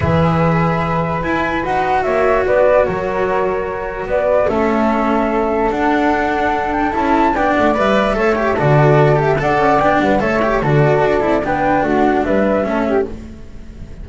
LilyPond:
<<
  \new Staff \with { instrumentName = "flute" } { \time 4/4 \tempo 4 = 147 e''2. gis''4 | fis''4 e''4 d''4 cis''4~ | cis''2 d''4 e''4~ | e''2 fis''2~ |
fis''8 g''8 a''4 g''8 fis''8 e''4~ | e''4 d''4. e''8 fis''4 | g''8 fis''8 e''4 d''2 | g''4 fis''4 e''2 | }
  \new Staff \with { instrumentName = "flute" } { \time 4/4 b'1~ | b'4 cis''4 b'4 ais'4~ | ais'2 b'4 a'4~ | a'1~ |
a'2 d''2 | cis''4 a'2 d''4~ | d''8 b'8 cis''4 a'2 | b'4 fis'4 b'4 a'8 g'8 | }
  \new Staff \with { instrumentName = "cello" } { \time 4/4 gis'2. e'4 | fis'1~ | fis'2. cis'4~ | cis'2 d'2~ |
d'4 e'4 d'4 b'4 | a'8 g'8 fis'4. g'8 a'4 | d'4 a'8 g'8 fis'4. e'8 | d'2. cis'4 | }
  \new Staff \with { instrumentName = "double bass" } { \time 4/4 e2. e'4 | dis'4 ais4 b4 fis4~ | fis2 b4 a4~ | a2 d'2~ |
d'4 cis'4 b8 a8 g4 | a4 d2 d'8 cis'8 | b8 g8 a4 d4 d'8 c'8 | b4 a4 g4 a4 | }
>>